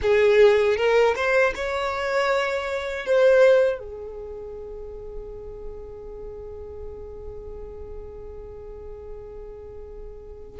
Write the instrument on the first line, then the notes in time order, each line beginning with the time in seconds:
violin
0.02 G#4
0.76 A#4
1.15 C5
1.55 C#5
3.06 C5
3.79 G#4